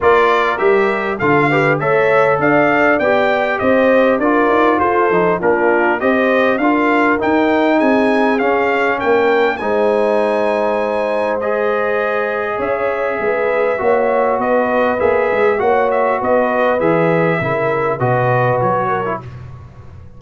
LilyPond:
<<
  \new Staff \with { instrumentName = "trumpet" } { \time 4/4 \tempo 4 = 100 d''4 e''4 f''4 e''4 | f''4 g''4 dis''4 d''4 | c''4 ais'4 dis''4 f''4 | g''4 gis''4 f''4 g''4 |
gis''2. dis''4~ | dis''4 e''2. | dis''4 e''4 fis''8 e''8 dis''4 | e''2 dis''4 cis''4 | }
  \new Staff \with { instrumentName = "horn" } { \time 4/4 ais'2 a'8 b'8 cis''4 | d''2 c''4 ais'4 | a'4 f'4 c''4 ais'4~ | ais'4 gis'2 ais'4 |
c''1~ | c''4 cis''4 b'4 cis''4 | b'2 cis''4 b'4~ | b'4 ais'4 b'4. ais'8 | }
  \new Staff \with { instrumentName = "trombone" } { \time 4/4 f'4 g'4 f'8 g'8 a'4~ | a'4 g'2 f'4~ | f'8 dis'8 d'4 g'4 f'4 | dis'2 cis'2 |
dis'2. gis'4~ | gis'2. fis'4~ | fis'4 gis'4 fis'2 | gis'4 e'4 fis'4.~ fis'16 e'16 | }
  \new Staff \with { instrumentName = "tuba" } { \time 4/4 ais4 g4 d4 a4 | d'4 b4 c'4 d'8 dis'8 | f'8 f8 ais4 c'4 d'4 | dis'4 c'4 cis'4 ais4 |
gis1~ | gis4 cis'4 gis4 ais4 | b4 ais8 gis8 ais4 b4 | e4 cis4 b,4 fis4 | }
>>